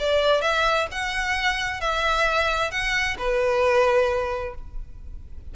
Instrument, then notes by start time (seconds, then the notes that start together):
violin
0.00 D5
0.42 E5
0.92 F#5
1.81 E5
2.71 F#5
3.19 B4